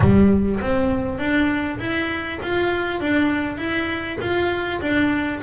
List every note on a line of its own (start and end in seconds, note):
0.00 0.59 G3
0.60 1.18 C4
1.18 1.78 D4
1.79 2.39 E4
2.42 3.00 F4
3.00 3.57 D4
3.57 4.17 E4
4.21 4.81 F4
4.81 5.41 D4